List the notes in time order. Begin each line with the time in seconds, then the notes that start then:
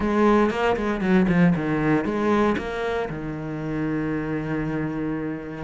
0.00 G#3
0.50 A#3
0.76 G#3
1.00 F#3
1.28 F3
1.55 D#3
2.04 G#3
2.57 A#3
3.09 D#3